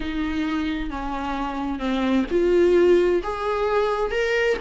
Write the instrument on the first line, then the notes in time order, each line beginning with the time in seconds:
viola
0.00 D#4
0.90 C#4
1.79 C4
2.30 F4
3.23 G#4
4.11 A#4